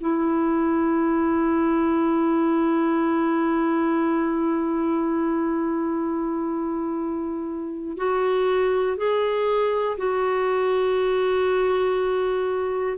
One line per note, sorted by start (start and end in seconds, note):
0.00 7.97 E4
7.97 8.97 F#4
8.97 9.97 G#4
9.97 12.97 F#4